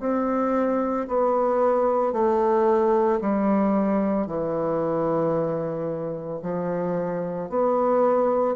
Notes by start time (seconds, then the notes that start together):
0.00 C4
1.08 B3
2.13 A3
3.21 G3
4.27 E3
6.43 F3
7.50 B3